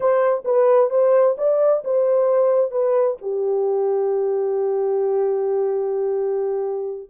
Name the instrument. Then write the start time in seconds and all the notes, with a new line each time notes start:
horn
0.00 C5
0.44 B4
0.90 C5
1.37 D5
1.84 C5
2.71 B4
3.21 G4